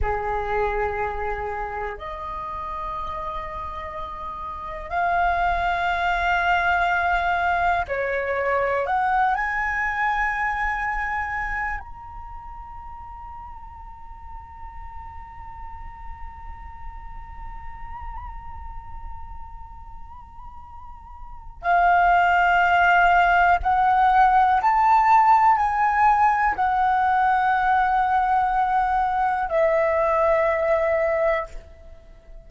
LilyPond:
\new Staff \with { instrumentName = "flute" } { \time 4/4 \tempo 4 = 61 gis'2 dis''2~ | dis''4 f''2. | cis''4 fis''8 gis''2~ gis''8 | ais''1~ |
ais''1~ | ais''2 f''2 | fis''4 a''4 gis''4 fis''4~ | fis''2 e''2 | }